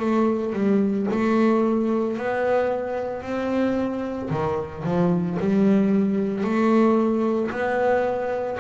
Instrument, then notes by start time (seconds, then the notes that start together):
double bass
0.00 A3
0.54 G3
1.11 A3
2.17 B3
3.22 C4
4.31 D#3
4.85 F3
5.40 G3
6.44 A3
7.51 B3